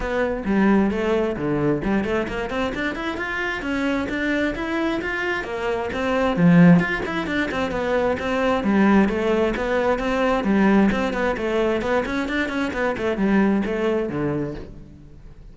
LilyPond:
\new Staff \with { instrumentName = "cello" } { \time 4/4 \tempo 4 = 132 b4 g4 a4 d4 | g8 a8 ais8 c'8 d'8 e'8 f'4 | cis'4 d'4 e'4 f'4 | ais4 c'4 f4 f'8 e'8 |
d'8 c'8 b4 c'4 g4 | a4 b4 c'4 g4 | c'8 b8 a4 b8 cis'8 d'8 cis'8 | b8 a8 g4 a4 d4 | }